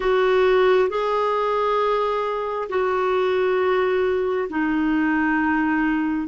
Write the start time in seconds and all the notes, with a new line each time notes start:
0.00 F#4
0.89 G#4
2.69 F#4
4.49 D#4